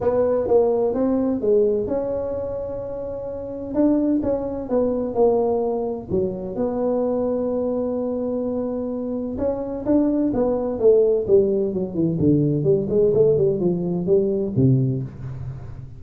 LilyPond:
\new Staff \with { instrumentName = "tuba" } { \time 4/4 \tempo 4 = 128 b4 ais4 c'4 gis4 | cis'1 | d'4 cis'4 b4 ais4~ | ais4 fis4 b2~ |
b1 | cis'4 d'4 b4 a4 | g4 fis8 e8 d4 g8 gis8 | a8 g8 f4 g4 c4 | }